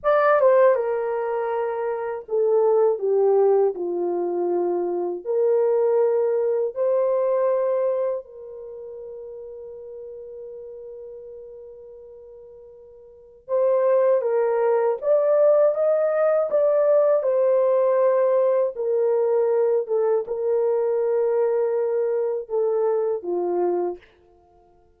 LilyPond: \new Staff \with { instrumentName = "horn" } { \time 4/4 \tempo 4 = 80 d''8 c''8 ais'2 a'4 | g'4 f'2 ais'4~ | ais'4 c''2 ais'4~ | ais'1~ |
ais'2 c''4 ais'4 | d''4 dis''4 d''4 c''4~ | c''4 ais'4. a'8 ais'4~ | ais'2 a'4 f'4 | }